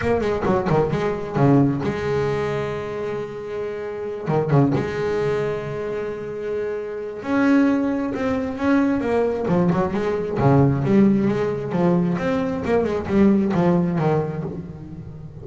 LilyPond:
\new Staff \with { instrumentName = "double bass" } { \time 4/4 \tempo 4 = 133 ais8 gis8 fis8 dis8 gis4 cis4 | gis1~ | gis4. dis8 cis8 gis4.~ | gis1 |
cis'2 c'4 cis'4 | ais4 f8 fis8 gis4 cis4 | g4 gis4 f4 c'4 | ais8 gis8 g4 f4 dis4 | }